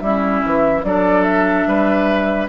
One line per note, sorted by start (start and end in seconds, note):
0.00 0.43 G3
0.00 0.85 C#4
0.00 0.85 E4
0.00 0.82 E5
0.46 0.84 E3
0.84 1.66 F#3
0.84 2.49 D4
0.84 1.68 A4
0.84 1.23 D5
1.23 2.47 E5
1.67 2.49 G3
1.67 2.49 B4